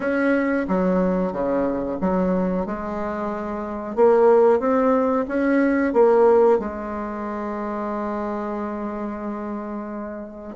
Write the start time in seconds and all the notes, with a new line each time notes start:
0.00 C#4
0.67 F#3
1.32 C#3
2.00 F#3
2.66 G#3
3.95 A#3
4.59 C4
5.28 C#4
5.93 A#3
6.59 G#3